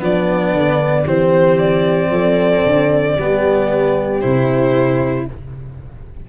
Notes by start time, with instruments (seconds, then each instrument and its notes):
0.00 tuba F3, cello B3, horn D4, violin D5
0.54 tuba D3
1.03 tuba E3, cello C4, horn G4, violin C5
1.59 violin D5
2.11 tuba F3, horn A4
2.66 tuba D3
3.16 tuba G3, cello B3, horn G4
4.21 tuba C3, cello E4, violin C5